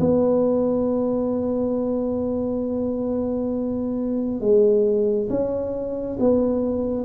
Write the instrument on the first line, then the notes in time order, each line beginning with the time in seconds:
tuba
0.00 B3
4.40 G#3
5.29 C#4
6.19 B3